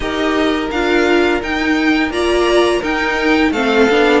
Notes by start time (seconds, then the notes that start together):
0.00 D#4 G4 A#4 D#5
0.70 D4 F4 F5
1.41 D#4 G5
2.09 A#3 F4 D5 A#5
2.79 D#4 A#4 G5
3.51 A3 C4 A4 F5
3.90 B3 D4